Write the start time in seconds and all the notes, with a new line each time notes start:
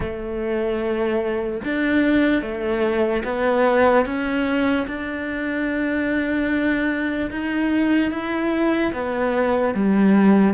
0.00 A3
1.64 D4
2.41 A3
3.24 B3
4.05 C#4
4.87 D4
7.30 D#4
8.11 E4
8.93 B3
9.74 G3